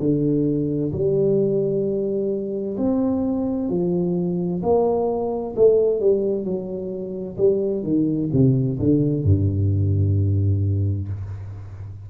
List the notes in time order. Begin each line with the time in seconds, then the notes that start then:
0.00 D3
0.93 G3
2.78 C4
3.70 F3
4.63 A#3
5.56 A3
6.00 G3
6.45 F#3
7.37 G3
7.83 D#3
8.33 C3
8.80 D3
9.24 G2